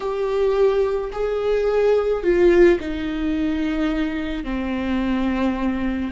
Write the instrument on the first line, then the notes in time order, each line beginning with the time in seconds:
viola
0.00 G4
1.12 G#4
2.23 F4
2.80 D#4
4.44 C4